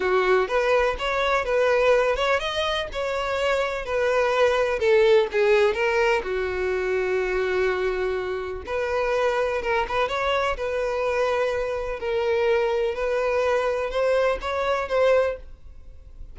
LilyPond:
\new Staff \with { instrumentName = "violin" } { \time 4/4 \tempo 4 = 125 fis'4 b'4 cis''4 b'4~ | b'8 cis''8 dis''4 cis''2 | b'2 a'4 gis'4 | ais'4 fis'2.~ |
fis'2 b'2 | ais'8 b'8 cis''4 b'2~ | b'4 ais'2 b'4~ | b'4 c''4 cis''4 c''4 | }